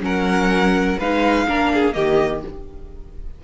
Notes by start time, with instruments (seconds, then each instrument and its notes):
0.00 cello F#3, viola C#4, violin A#4 F#5
0.98 cello G#3, viola D#4, violin B4 F5
1.48 cello A#3, viola D4, violin A#4
1.74 violin G#4
1.93 cello D#3, viola A#3, violin G4 D#5